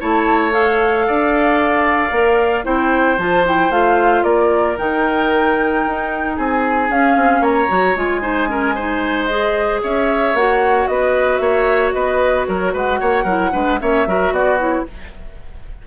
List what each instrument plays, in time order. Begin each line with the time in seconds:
0.00 bassoon A3, clarinet E4, oboe C#5, flute A5
0.51 clarinet A4, flute F5
1.07 bassoon D4, oboe D5
2.12 bassoon A#3, clarinet A#4
2.64 bassoon C4, clarinet E4, oboe C5, flute G5
3.18 bassoon F3, clarinet F4, flute A5
3.45 clarinet E4, flute G5
3.70 bassoon A3, clarinet F4, flute F5
4.23 bassoon A#3, oboe A#4, flute D5
4.77 bassoon D#3, clarinet D#4, flute G5
5.87 bassoon D#4
6.36 bassoon C4, oboe G#4, flute G#5
6.90 bassoon C#4, clarinet C#4, flute F5
7.16 bassoon C4
7.40 bassoon A#3, oboe C#5, flute A#5
7.69 bassoon F#3, clarinet F#4
7.96 bassoon G#3, clarinet F4, flute G#5
8.22 clarinet D#4, oboe C5
8.48 clarinet C#4, oboe A#4
8.75 clarinet D#4, oboe C5
9.25 clarinet G#4, flute D#5
9.83 bassoon C#4, oboe C#5, flute E5
10.34 bassoon A#3, clarinet F#4, flute F#5
10.87 bassoon B3, oboe B4, flute D#5
11.37 bassoon A#3, oboe C#5, flute E5
11.92 bassoon B3, oboe B4, flute D#5
12.47 bassoon F#3, oboe A#4, flute C#5
12.73 bassoon G#3, oboe B4, flute F#5
13.00 bassoon A#3, oboe C#5
13.24 bassoon F#3, clarinet E4, oboe A#4
13.52 bassoon G#3, clarinet D4, oboe B4
13.80 bassoon A#3, clarinet C#4, oboe C#5, flute E5
14.07 bassoon F#3, clarinet F#4, oboe A#4
14.31 bassoon B3, oboe F#4, flute D5
14.59 clarinet E4, flute C#5